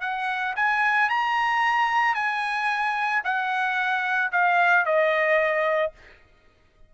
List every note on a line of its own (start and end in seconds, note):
0.00 0.54 F#5
0.56 1.09 G#5
1.09 2.14 A#5
2.14 3.21 G#5
3.24 4.31 F#5
4.31 4.85 F5
4.85 5.92 D#5